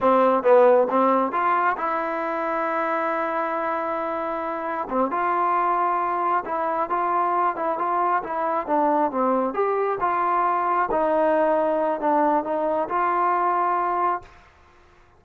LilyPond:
\new Staff \with { instrumentName = "trombone" } { \time 4/4 \tempo 4 = 135 c'4 b4 c'4 f'4 | e'1~ | e'2. c'8 f'8~ | f'2~ f'8 e'4 f'8~ |
f'4 e'8 f'4 e'4 d'8~ | d'8 c'4 g'4 f'4.~ | f'8 dis'2~ dis'8 d'4 | dis'4 f'2. | }